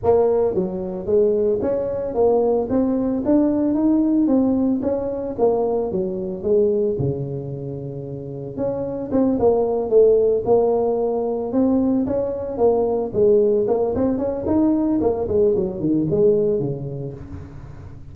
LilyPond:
\new Staff \with { instrumentName = "tuba" } { \time 4/4 \tempo 4 = 112 ais4 fis4 gis4 cis'4 | ais4 c'4 d'4 dis'4 | c'4 cis'4 ais4 fis4 | gis4 cis2. |
cis'4 c'8 ais4 a4 ais8~ | ais4. c'4 cis'4 ais8~ | ais8 gis4 ais8 c'8 cis'8 dis'4 | ais8 gis8 fis8 dis8 gis4 cis4 | }